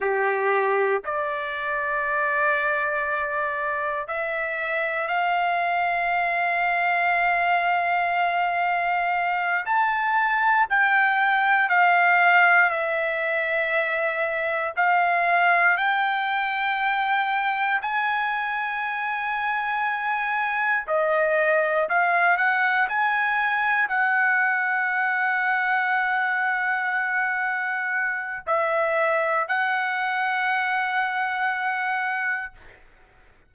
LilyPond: \new Staff \with { instrumentName = "trumpet" } { \time 4/4 \tempo 4 = 59 g'4 d''2. | e''4 f''2.~ | f''4. a''4 g''4 f''8~ | f''8 e''2 f''4 g''8~ |
g''4. gis''2~ gis''8~ | gis''8 dis''4 f''8 fis''8 gis''4 fis''8~ | fis''1 | e''4 fis''2. | }